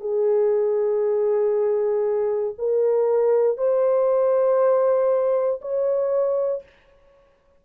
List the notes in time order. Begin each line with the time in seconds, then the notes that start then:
0.00 G#4
2.58 A#4
3.57 C5
5.61 C#5